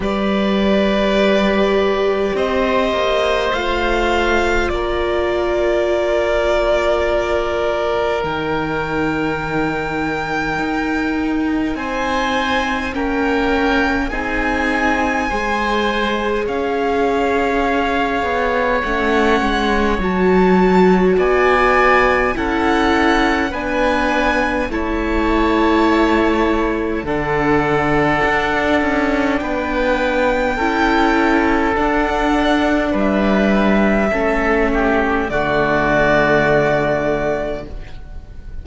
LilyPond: <<
  \new Staff \with { instrumentName = "violin" } { \time 4/4 \tempo 4 = 51 d''2 dis''4 f''4 | d''2. g''4~ | g''2 gis''4 g''4 | gis''2 f''2 |
fis''4 a''4 gis''4 fis''4 | gis''4 a''2 fis''4~ | fis''4 g''2 fis''4 | e''2 d''2 | }
  \new Staff \with { instrumentName = "oboe" } { \time 4/4 b'2 c''2 | ais'1~ | ais'2 c''4 ais'4 | gis'4 c''4 cis''2~ |
cis''2 d''4 a'4 | b'4 cis''2 a'4~ | a'4 b'4 a'2 | b'4 a'8 g'8 fis'2 | }
  \new Staff \with { instrumentName = "viola" } { \time 4/4 g'2. f'4~ | f'2. dis'4~ | dis'2. cis'4 | dis'4 gis'2. |
cis'4 fis'2 e'4 | d'4 e'2 d'4~ | d'2 e'4 d'4~ | d'4 cis'4 a2 | }
  \new Staff \with { instrumentName = "cello" } { \time 4/4 g2 c'8 ais8 a4 | ais2. dis4~ | dis4 dis'4 c'4 ais4 | c'4 gis4 cis'4. b8 |
a8 gis8 fis4 b4 cis'4 | b4 a2 d4 | d'8 cis'8 b4 cis'4 d'4 | g4 a4 d2 | }
>>